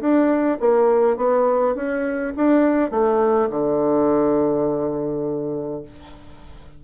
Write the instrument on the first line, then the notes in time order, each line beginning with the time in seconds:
bassoon
0.00 D4
0.60 A#3
1.17 B3
1.75 C#4
2.36 D4
2.91 A3
3.50 D3